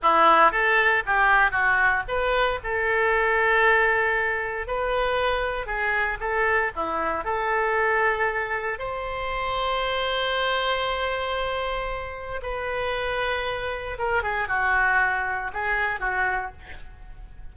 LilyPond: \new Staff \with { instrumentName = "oboe" } { \time 4/4 \tempo 4 = 116 e'4 a'4 g'4 fis'4 | b'4 a'2.~ | a'4 b'2 gis'4 | a'4 e'4 a'2~ |
a'4 c''2.~ | c''1 | b'2. ais'8 gis'8 | fis'2 gis'4 fis'4 | }